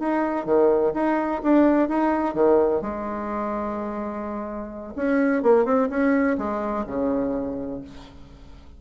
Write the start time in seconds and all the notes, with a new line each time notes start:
0.00 D#4
0.46 D#3
0.94 D#4
1.43 D4
1.89 D#4
2.35 D#3
2.82 G#3
4.96 C#4
5.43 A#3
5.65 C4
5.90 C#4
6.38 G#3
6.87 C#3